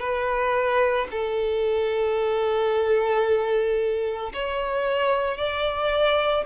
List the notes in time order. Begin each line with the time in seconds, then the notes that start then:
0.00 B4
1.12 A4
4.34 C#5
5.38 D5